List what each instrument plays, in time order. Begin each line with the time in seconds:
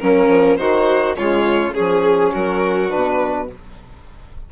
0.00 bassoon F#3, trombone A#3, violin C#4 A#4
0.28 bassoon F3
0.57 bassoon D#3, trombone D#4, violin F#4 C5
1.16 bassoon C#3, trombone G#3, violin F4 C#5
1.75 bassoon F3, trombone C#4, violin G#4
2.33 bassoon F#3, violin F#4 A#4
2.90 bassoon B2, trombone D4, violin B4